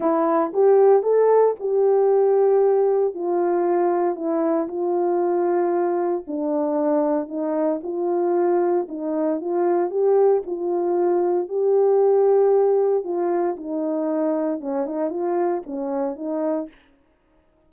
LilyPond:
\new Staff \with { instrumentName = "horn" } { \time 4/4 \tempo 4 = 115 e'4 g'4 a'4 g'4~ | g'2 f'2 | e'4 f'2. | d'2 dis'4 f'4~ |
f'4 dis'4 f'4 g'4 | f'2 g'2~ | g'4 f'4 dis'2 | cis'8 dis'8 f'4 cis'4 dis'4 | }